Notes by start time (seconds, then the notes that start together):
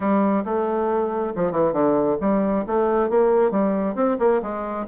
0.00 G3
0.44 A3
1.35 F3
1.51 E3
1.72 D3
2.20 G3
2.66 A3
3.09 A#3
3.51 G3
3.95 C4
4.19 A#3
4.42 G#3